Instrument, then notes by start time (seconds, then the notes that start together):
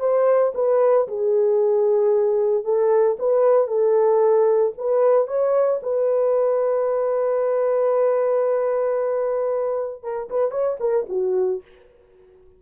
horn
0.00 C5
0.55 B4
1.08 G#4
2.65 A4
3.19 B4
3.68 A4
4.78 B4
5.28 C#5
5.83 B4
10.03 A#4
10.30 B4
10.51 C#5
10.80 A#4
11.09 F#4